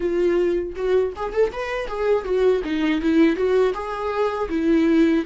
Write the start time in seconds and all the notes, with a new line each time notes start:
0.00 F4
0.75 F#4
1.16 G#4
1.32 A4
1.52 B4
1.88 G#4
2.24 F#4
2.64 D#4
3.01 E4
3.35 F#4
3.73 G#4
4.49 E4